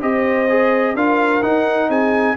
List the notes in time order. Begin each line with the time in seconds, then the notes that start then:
0.00 C4 G4 C5 D#5
0.49 G#4
0.94 D4 F4 A#4 F5
1.42 D#4 F#5
1.88 C4 G#4 G#5